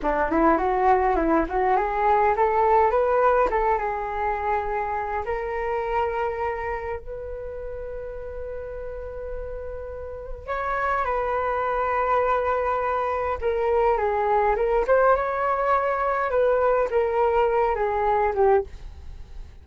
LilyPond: \new Staff \with { instrumentName = "flute" } { \time 4/4 \tempo 4 = 103 d'8 e'8 fis'4 e'8 fis'8 gis'4 | a'4 b'4 a'8 gis'4.~ | gis'4 ais'2. | b'1~ |
b'2 cis''4 b'4~ | b'2. ais'4 | gis'4 ais'8 c''8 cis''2 | b'4 ais'4. gis'4 g'8 | }